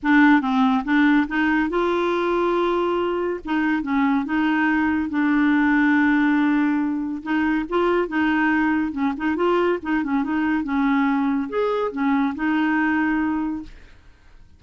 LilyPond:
\new Staff \with { instrumentName = "clarinet" } { \time 4/4 \tempo 4 = 141 d'4 c'4 d'4 dis'4 | f'1 | dis'4 cis'4 dis'2 | d'1~ |
d'4 dis'4 f'4 dis'4~ | dis'4 cis'8 dis'8 f'4 dis'8 cis'8 | dis'4 cis'2 gis'4 | cis'4 dis'2. | }